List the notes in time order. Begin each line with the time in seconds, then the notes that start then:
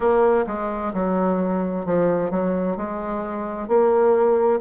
0.00 A#3
0.46 G#3
0.93 F#3
1.85 F3
2.30 F#3
2.77 G#3
3.68 A#3